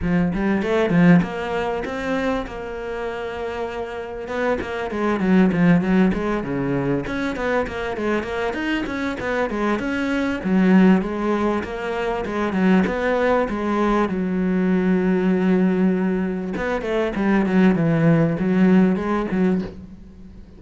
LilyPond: \new Staff \with { instrumentName = "cello" } { \time 4/4 \tempo 4 = 98 f8 g8 a8 f8 ais4 c'4 | ais2. b8 ais8 | gis8 fis8 f8 fis8 gis8 cis4 cis'8 | b8 ais8 gis8 ais8 dis'8 cis'8 b8 gis8 |
cis'4 fis4 gis4 ais4 | gis8 fis8 b4 gis4 fis4~ | fis2. b8 a8 | g8 fis8 e4 fis4 gis8 fis8 | }